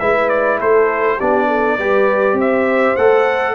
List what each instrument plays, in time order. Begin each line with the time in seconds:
0.00 tuba G#3, trombone E4, horn B4, trumpet E5
0.29 trumpet D5
0.58 tuba A3, horn A4, trumpet C5
1.17 tuba B3, trombone D4, horn G4, trumpet D5
1.48 horn A4
1.77 tuba G3, trombone G4, horn B4
2.33 tuba C4, horn C5
2.40 trumpet E5
2.96 tuba A3, trombone A4, trumpet F#5